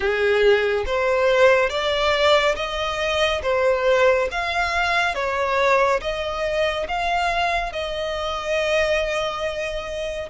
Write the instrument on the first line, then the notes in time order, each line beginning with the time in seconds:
violin
0.00 G#4
0.86 C5
1.69 D5
2.56 D#5
3.42 C5
4.31 F5
5.14 C#5
6.01 D#5
6.88 F5
7.72 D#5